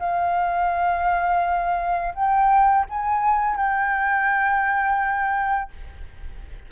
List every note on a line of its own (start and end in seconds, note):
0.00 2.14 F5
2.15 2.86 G5
2.90 3.56 G#5
3.56 5.71 G5